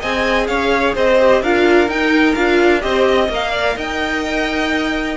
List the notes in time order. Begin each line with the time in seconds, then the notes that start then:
0.00 C4 G#4 D#5 G#5
0.47 C#4 C#5 F5
0.95 C4 C5 D#5
1.20 G4
1.42 D4 F4 A#4 F5
1.88 D#4 G5
2.35 D4 F4 F5
2.81 C4 G4 C5 D#5
3.08 D#5
3.29 A#3 A#4 F5
3.51 D5
3.76 D#4 D#5 G5